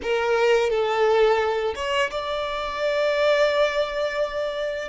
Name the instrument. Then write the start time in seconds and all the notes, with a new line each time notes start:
violin
0.02 A#4
0.69 A4
1.75 C#5
2.10 D5